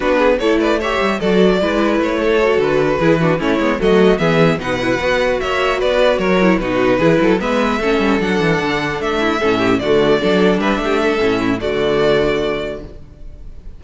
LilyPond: <<
  \new Staff \with { instrumentName = "violin" } { \time 4/4 \tempo 4 = 150 b'4 cis''8 d''8 e''4 d''4~ | d''4 cis''4. b'4.~ | b'8 cis''4 dis''4 e''4 fis''8~ | fis''4. e''4 d''4 cis''8~ |
cis''8 b'2 e''4.~ | e''8 fis''2 e''4.~ | e''8 d''2 e''4.~ | e''4 d''2. | }
  \new Staff \with { instrumentName = "violin" } { \time 4/4 fis'8 gis'8 a'8 b'8 cis''4 a'4 | b'4. a'2 gis'8 | fis'8 e'4 fis'4 gis'4 b'8~ | b'4. cis''4 b'4 ais'8~ |
ais'8 fis'4 gis'8 a'8 b'4 a'8~ | a'2. e'8 a'8 | g'8 fis'4 a'4 b'8 g'8 a'8~ | a'8 e'8 fis'2. | }
  \new Staff \with { instrumentName = "viola" } { \time 4/4 d'4 e'4 g'4 fis'4 | e'2 fis'4. e'8 | d'8 cis'8 b8 a4 b4 dis'8 | e'8 fis'2.~ fis'8 |
e'8 dis'4 e'4 b4 cis'8~ | cis'8 d'2. cis'8~ | cis'8 a4 d'2~ d'8 | cis'4 a2. | }
  \new Staff \with { instrumentName = "cello" } { \time 4/4 b4 a4. g8 fis4 | gis4 a4. d4 e8~ | e8 a8 gis8 fis4 e4 b,8~ | b,8 b4 ais4 b4 fis8~ |
fis8 b,4 e8 fis8 gis4 a8 | g8 fis8 e8 d4 a4 a,8~ | a,8 d4 fis4 g8 a4 | a,4 d2. | }
>>